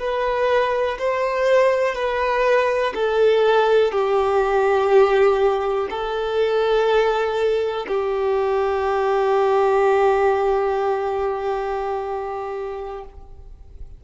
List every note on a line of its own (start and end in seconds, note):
0.00 0.98 B4
0.99 1.95 C5
1.95 2.94 B4
2.95 3.92 A4
3.92 5.89 G4
5.90 7.87 A4
7.88 13.05 G4